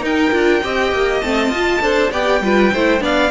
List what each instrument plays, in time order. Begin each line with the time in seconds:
0.00 viola D#4, cello D#4, violin A#4 G5
0.32 cello D4, viola F4
0.63 cello C4, viola G4, violin D#5
0.92 cello A#3
1.21 cello A3, viola C4, violin A5
1.50 cello F4, viola F4
1.81 cello D4, viola A4, violin C5
2.12 cello B3, viola G4, violin D5 G5
2.42 cello G3, viola F4, violin B4
2.73 cello A3, viola E4, violin C5
3.00 cello B3, viola D4, violin D5 F5